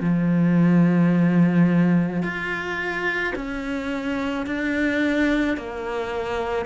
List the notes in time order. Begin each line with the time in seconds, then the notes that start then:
0.00 F3
2.22 F4
3.35 C#4
4.46 D4
5.57 A#3